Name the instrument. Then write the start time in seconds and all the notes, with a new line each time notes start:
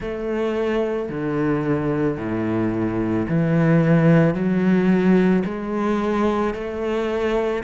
cello
0.00 A3
1.09 D3
2.17 A2
3.28 E3
4.34 F#3
5.44 G#3
6.54 A3